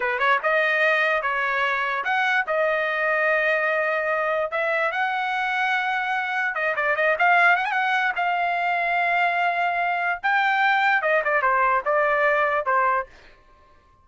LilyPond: \new Staff \with { instrumentName = "trumpet" } { \time 4/4 \tempo 4 = 147 b'8 cis''8 dis''2 cis''4~ | cis''4 fis''4 dis''2~ | dis''2. e''4 | fis''1 |
dis''8 d''8 dis''8 f''4 fis''16 gis''16 fis''4 | f''1~ | f''4 g''2 dis''8 d''8 | c''4 d''2 c''4 | }